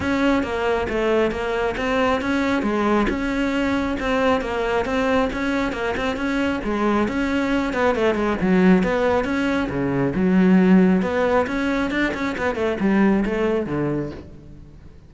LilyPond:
\new Staff \with { instrumentName = "cello" } { \time 4/4 \tempo 4 = 136 cis'4 ais4 a4 ais4 | c'4 cis'4 gis4 cis'4~ | cis'4 c'4 ais4 c'4 | cis'4 ais8 c'8 cis'4 gis4 |
cis'4. b8 a8 gis8 fis4 | b4 cis'4 cis4 fis4~ | fis4 b4 cis'4 d'8 cis'8 | b8 a8 g4 a4 d4 | }